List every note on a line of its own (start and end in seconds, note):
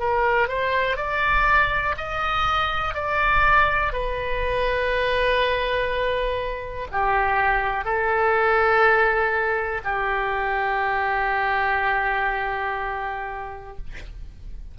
0.00 0.48 A#4
0.48 0.97 C5
0.97 1.95 D5
1.97 2.94 D#5
2.94 3.93 D5
3.93 6.88 B4
6.92 7.85 G4
7.85 9.81 A4
9.84 13.77 G4